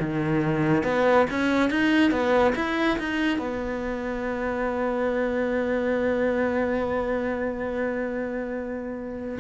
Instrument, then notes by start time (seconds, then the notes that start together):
cello
0.00 D#3
0.83 B3
1.30 C#4
1.70 D#4
2.11 B3
2.56 E4
2.98 D#4
3.39 B3